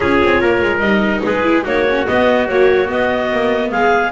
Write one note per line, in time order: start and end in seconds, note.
0.00 0.22 C#4
0.00 0.82 F4
0.00 0.40 G#4
0.00 0.79 C#5
0.23 0.41 C4
0.40 0.61 A#3
0.40 1.23 A#4
0.61 0.79 G#3
0.79 1.20 G3
0.79 1.42 D#4
0.79 1.20 D#5
1.24 1.65 G#3
1.24 1.63 G#4
1.24 1.66 B4
1.42 1.63 E4
1.63 2.06 A#3
1.63 1.86 D#4
1.63 3.70 F#4
1.63 2.07 C#5
1.89 2.06 C#4
2.06 2.47 B3
2.06 2.49 B3
2.06 2.48 D#5
2.47 2.86 F#3
2.47 2.90 A#3
2.47 2.89 C#5
2.86 4.10 B3
2.86 3.31 B3
2.86 3.71 D#5
3.31 3.71 A#3
3.71 4.12 G#3
3.71 4.12 G#4
3.71 4.12 F5